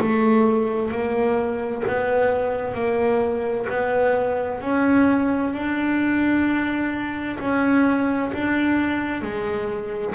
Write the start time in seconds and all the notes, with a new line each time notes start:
0.00 A3
0.91 A#3
1.87 B3
2.74 A#3
3.69 B3
4.61 C#4
5.53 D4
7.39 C#4
8.33 D4
9.21 G#3